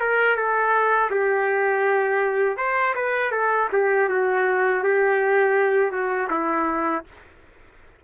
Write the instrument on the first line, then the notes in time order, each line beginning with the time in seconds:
trumpet
0.00 A#4
0.36 A4
1.10 G4
2.57 C5
2.95 B4
3.31 A4
3.73 G4
4.09 F#4
4.84 G4
5.91 F#4
6.30 E4